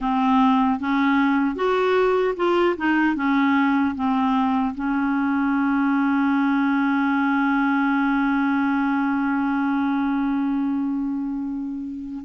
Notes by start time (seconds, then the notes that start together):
0.00 C4
0.79 C#4
1.55 F#4
2.36 F4
2.77 D#4
3.15 C#4
3.95 C4
4.74 C#4